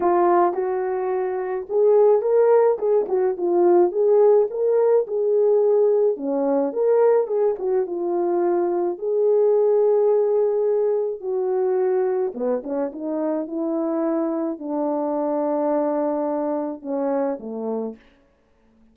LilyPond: \new Staff \with { instrumentName = "horn" } { \time 4/4 \tempo 4 = 107 f'4 fis'2 gis'4 | ais'4 gis'8 fis'8 f'4 gis'4 | ais'4 gis'2 cis'4 | ais'4 gis'8 fis'8 f'2 |
gis'1 | fis'2 b8 cis'8 dis'4 | e'2 d'2~ | d'2 cis'4 a4 | }